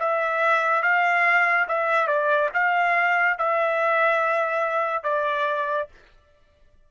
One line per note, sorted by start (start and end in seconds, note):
0.00 0.83 E5
0.83 1.67 F5
1.69 2.07 E5
2.07 2.50 D5
2.54 3.39 F5
3.39 5.04 E5
5.04 5.88 D5